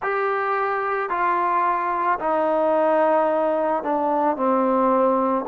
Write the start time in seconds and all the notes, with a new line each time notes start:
0.02 G4
1.09 F4
2.19 D#4
3.83 D4
4.36 C4